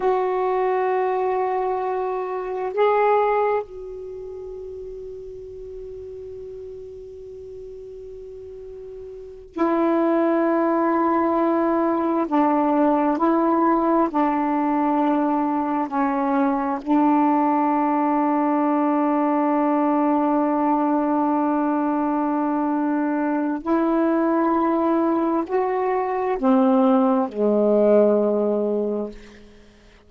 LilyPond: \new Staff \with { instrumentName = "saxophone" } { \time 4/4 \tempo 4 = 66 fis'2. gis'4 | fis'1~ | fis'2~ fis'8 e'4.~ | e'4. d'4 e'4 d'8~ |
d'4. cis'4 d'4.~ | d'1~ | d'2 e'2 | fis'4 c'4 gis2 | }